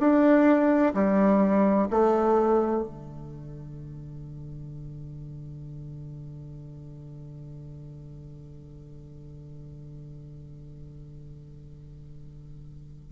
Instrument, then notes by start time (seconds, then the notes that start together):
bassoon
0.00 D4
0.95 G3
1.90 A3
2.84 D3